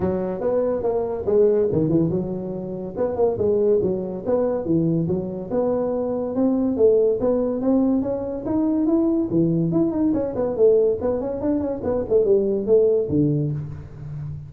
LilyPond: \new Staff \with { instrumentName = "tuba" } { \time 4/4 \tempo 4 = 142 fis4 b4 ais4 gis4 | dis8 e8 fis2 b8 ais8 | gis4 fis4 b4 e4 | fis4 b2 c'4 |
a4 b4 c'4 cis'4 | dis'4 e'4 e4 e'8 dis'8 | cis'8 b8 a4 b8 cis'8 d'8 cis'8 | b8 a8 g4 a4 d4 | }